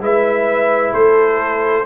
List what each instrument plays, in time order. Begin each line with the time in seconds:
0.00 tuba G#3, trombone E4, horn B4, trumpet E5
0.93 tuba A3, horn A4, trumpet C5